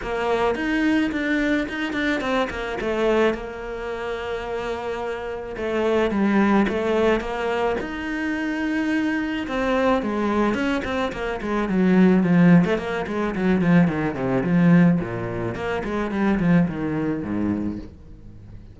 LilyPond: \new Staff \with { instrumentName = "cello" } { \time 4/4 \tempo 4 = 108 ais4 dis'4 d'4 dis'8 d'8 | c'8 ais8 a4 ais2~ | ais2 a4 g4 | a4 ais4 dis'2~ |
dis'4 c'4 gis4 cis'8 c'8 | ais8 gis8 fis4 f8. a16 ais8 gis8 | fis8 f8 dis8 c8 f4 ais,4 | ais8 gis8 g8 f8 dis4 gis,4 | }